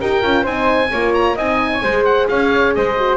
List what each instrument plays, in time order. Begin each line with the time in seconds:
0.00 double bass D#4, horn G4, flute A#4, oboe G5
0.22 double bass C#4, horn F4
0.42 double bass C4, horn D#4, flute C5, oboe G#5
0.91 double bass A#3, horn F4, flute C#5
1.14 oboe A#5
1.35 double bass C4, horn D#4, flute D#5, oboe G#5
1.73 flute C#5
1.83 double bass G#3, horn G#4, flute C5
2.04 oboe F#5
2.28 double bass C#4, flute C#5, oboe F5
2.74 double bass G#3, flute C5, oboe D#5
2.96 horn F#4